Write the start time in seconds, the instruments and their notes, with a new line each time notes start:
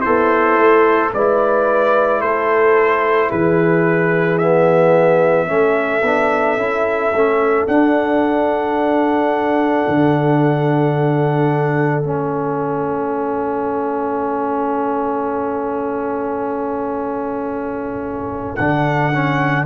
0.00 horn E4, trombone A4, trumpet C5
0.07 tuba B3
0.58 tuba A3
1.13 tuba G#3, trombone E4, horn B4, trumpet D5
2.21 tuba A3, horn A4, trumpet C5
3.29 tuba E3, horn G#4, trumpet B4
4.38 trombone B3, trumpet E5
5.47 tuba A3, trombone C#4, horn A4
6.02 tuba B3, trombone D4
6.57 tuba C#4, trombone E4
7.12 tuba A3, trombone C#4
7.67 tuba D4, trombone D4, trumpet F#5
9.88 tuba D3
12.02 tuba A3, trombone C#4, trumpet E5
18.56 tuba D3, trombone D4, trumpet F#5
19.13 trombone C#4